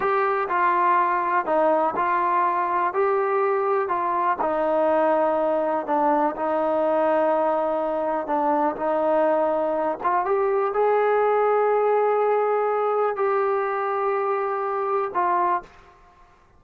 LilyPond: \new Staff \with { instrumentName = "trombone" } { \time 4/4 \tempo 4 = 123 g'4 f'2 dis'4 | f'2 g'2 | f'4 dis'2. | d'4 dis'2.~ |
dis'4 d'4 dis'2~ | dis'8 f'8 g'4 gis'2~ | gis'2. g'4~ | g'2. f'4 | }